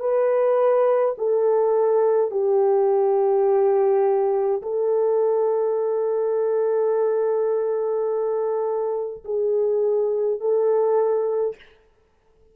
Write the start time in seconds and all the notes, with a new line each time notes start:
0.00 B4
1.18 A4
2.31 G4
4.63 A4
9.25 G#4
10.41 A4